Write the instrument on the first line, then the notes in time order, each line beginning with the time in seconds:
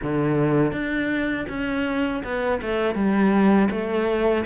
cello
0.02 D3
0.71 D4
1.48 C#4
2.24 B3
2.61 A3
2.94 G3
3.70 A3